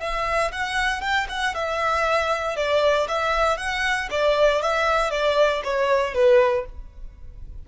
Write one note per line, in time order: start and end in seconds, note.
0.00 0.51 E5
0.52 1.01 F#5
1.01 1.27 G5
1.29 1.55 F#5
1.55 2.56 E5
2.56 3.07 D5
3.08 3.57 E5
3.57 4.09 F#5
4.10 4.62 D5
4.62 5.10 E5
5.10 5.62 D5
5.64 6.14 C#5
6.14 6.65 B4